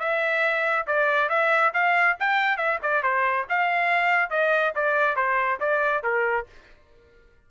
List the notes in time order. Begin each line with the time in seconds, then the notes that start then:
0.00 E5
0.87 D5
1.29 E5
1.74 F5
2.20 G5
2.57 E5
2.83 D5
3.03 C5
3.49 F5
4.30 D#5
4.76 D5
5.16 C5
5.60 D5
6.03 A#4